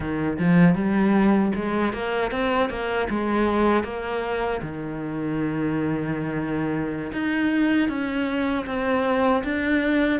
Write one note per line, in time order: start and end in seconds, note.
0.00 0.38 D#3
0.38 0.74 F3
0.74 1.51 G3
1.55 1.93 G#3
1.93 2.31 A#3
2.31 2.69 C4
2.69 3.08 A#3
3.09 3.83 G#3
3.83 4.60 A#3
4.62 7.12 D#3
7.12 7.88 D#4
7.88 8.65 C#4
8.66 9.43 C4
9.44 10.20 D4